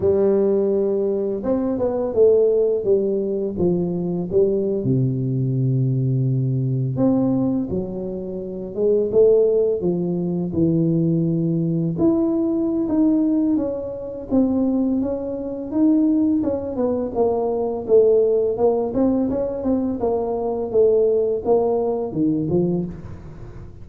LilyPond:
\new Staff \with { instrumentName = "tuba" } { \time 4/4 \tempo 4 = 84 g2 c'8 b8 a4 | g4 f4 g8. c4~ c16~ | c4.~ c16 c'4 fis4~ fis16~ | fis16 gis8 a4 f4 e4~ e16~ |
e8. e'4~ e'16 dis'4 cis'4 | c'4 cis'4 dis'4 cis'8 b8 | ais4 a4 ais8 c'8 cis'8 c'8 | ais4 a4 ais4 dis8 f8 | }